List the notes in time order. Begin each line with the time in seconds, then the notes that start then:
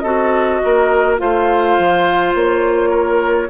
0.00 C4 F#4 A4 D#5
0.64 A#3 A#4
1.18 A3 F4 C5 F5
1.79 F3
2.35 A#3 C#5
2.90 A#4